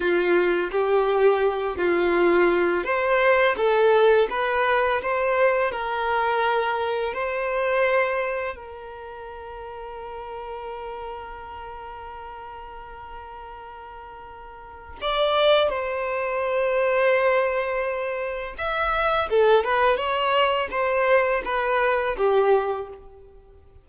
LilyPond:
\new Staff \with { instrumentName = "violin" } { \time 4/4 \tempo 4 = 84 f'4 g'4. f'4. | c''4 a'4 b'4 c''4 | ais'2 c''2 | ais'1~ |
ais'1~ | ais'4 d''4 c''2~ | c''2 e''4 a'8 b'8 | cis''4 c''4 b'4 g'4 | }